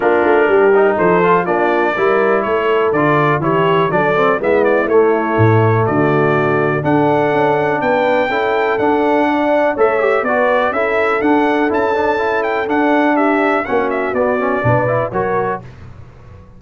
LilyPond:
<<
  \new Staff \with { instrumentName = "trumpet" } { \time 4/4 \tempo 4 = 123 ais'2 c''4 d''4~ | d''4 cis''4 d''4 cis''4 | d''4 e''8 d''8 cis''2 | d''2 fis''2 |
g''2 fis''2 | e''4 d''4 e''4 fis''4 | a''4. g''8 fis''4 e''4 | fis''8 e''8 d''2 cis''4 | }
  \new Staff \with { instrumentName = "horn" } { \time 4/4 f'4 g'4 a'4 f'4 | ais'4 a'2 g'4 | a'4 e'2. | fis'2 a'2 |
b'4 a'2 d''4 | cis''4 b'4 a'2~ | a'2. g'4 | fis'2 b'4 ais'4 | }
  \new Staff \with { instrumentName = "trombone" } { \time 4/4 d'4. dis'4 f'8 d'4 | e'2 f'4 e'4 | d'8 c'8 b4 a2~ | a2 d'2~ |
d'4 e'4 d'2 | a'8 g'8 fis'4 e'4 d'4 | e'8 d'8 e'4 d'2 | cis'4 b8 cis'8 d'8 e'8 fis'4 | }
  \new Staff \with { instrumentName = "tuba" } { \time 4/4 ais8 a8 g4 f4 ais4 | g4 a4 d4 e4 | fis4 gis4 a4 a,4 | d2 d'4 cis'4 |
b4 cis'4 d'2 | a4 b4 cis'4 d'4 | cis'2 d'2 | ais4 b4 b,4 fis4 | }
>>